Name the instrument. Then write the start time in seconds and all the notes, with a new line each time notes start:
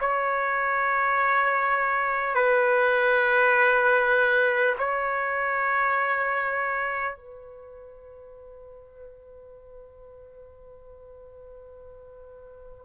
trumpet
0.00 C#5
2.35 B4
4.79 C#5
7.17 B4